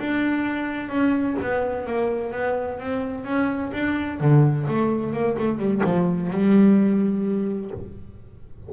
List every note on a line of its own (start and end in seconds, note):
0.00 0.90 D4
0.90 1.37 C#4
1.42 1.87 B3
1.87 2.33 A#3
2.33 2.80 B3
2.80 3.25 C4
3.25 3.72 C#4
3.74 4.21 D4
4.21 4.67 D3
4.68 5.13 A3
5.13 5.37 A#3
5.39 5.59 A3
5.59 5.82 G3
5.85 6.31 F3
6.31 7.71 G3